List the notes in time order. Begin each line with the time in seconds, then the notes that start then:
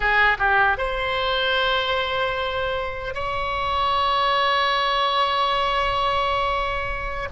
0.00 G#4
0.38 G4
0.77 C5
3.14 C#5